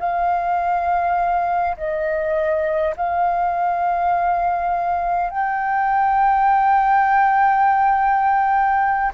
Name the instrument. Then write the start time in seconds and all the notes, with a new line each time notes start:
flute
0.00 F5
1.78 D#5
2.97 F5
5.30 G5